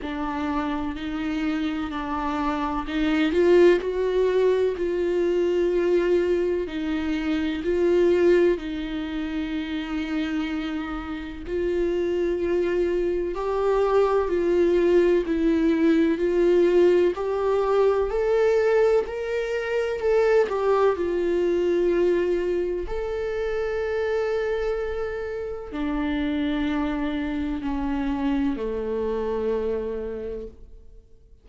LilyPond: \new Staff \with { instrumentName = "viola" } { \time 4/4 \tempo 4 = 63 d'4 dis'4 d'4 dis'8 f'8 | fis'4 f'2 dis'4 | f'4 dis'2. | f'2 g'4 f'4 |
e'4 f'4 g'4 a'4 | ais'4 a'8 g'8 f'2 | a'2. d'4~ | d'4 cis'4 a2 | }